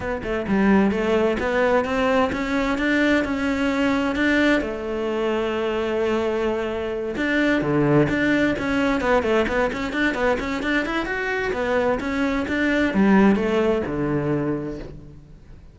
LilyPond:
\new Staff \with { instrumentName = "cello" } { \time 4/4 \tempo 4 = 130 b8 a8 g4 a4 b4 | c'4 cis'4 d'4 cis'4~ | cis'4 d'4 a2~ | a2.~ a8 d'8~ |
d'8 d4 d'4 cis'4 b8 | a8 b8 cis'8 d'8 b8 cis'8 d'8 e'8 | fis'4 b4 cis'4 d'4 | g4 a4 d2 | }